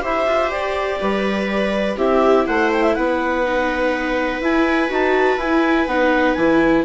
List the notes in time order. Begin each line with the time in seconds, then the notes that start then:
0.00 E4 G4 C5 E5
0.25 F4
0.50 G4 D5
1.00 G3 B4
1.97 C4 E4 G4 E5
2.47 A3 C5 F#5
2.72 G5
2.82 E5
2.95 B3 B4 F#5
3.44 D#4
4.40 E4 G#5
4.89 D#4 F#4 A5
5.37 E4 G#5
5.86 B3 D#4 F#5
6.34 E3 E4 G#5